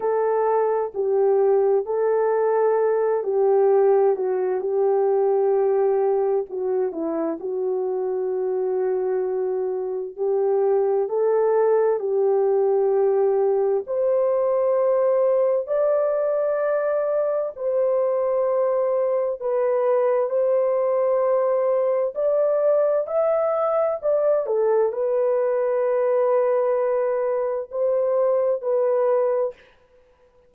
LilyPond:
\new Staff \with { instrumentName = "horn" } { \time 4/4 \tempo 4 = 65 a'4 g'4 a'4. g'8~ | g'8 fis'8 g'2 fis'8 e'8 | fis'2. g'4 | a'4 g'2 c''4~ |
c''4 d''2 c''4~ | c''4 b'4 c''2 | d''4 e''4 d''8 a'8 b'4~ | b'2 c''4 b'4 | }